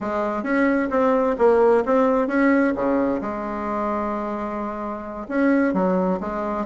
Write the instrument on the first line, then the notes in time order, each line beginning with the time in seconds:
bassoon
0.01 G#3
0.43 C#4
0.90 C4
1.38 A#3
1.85 C4
2.27 C#4
2.75 C#3
3.21 G#3
5.28 C#4
5.73 F#3
6.20 G#3